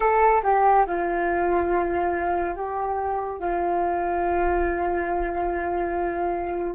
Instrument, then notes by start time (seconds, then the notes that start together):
flute
0.00 A4
0.43 G4
0.86 F4
2.55 G4
3.40 F4